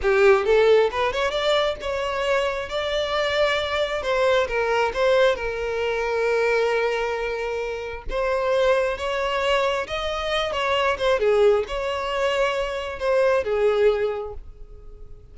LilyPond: \new Staff \with { instrumentName = "violin" } { \time 4/4 \tempo 4 = 134 g'4 a'4 b'8 cis''8 d''4 | cis''2 d''2~ | d''4 c''4 ais'4 c''4 | ais'1~ |
ais'2 c''2 | cis''2 dis''4. cis''8~ | cis''8 c''8 gis'4 cis''2~ | cis''4 c''4 gis'2 | }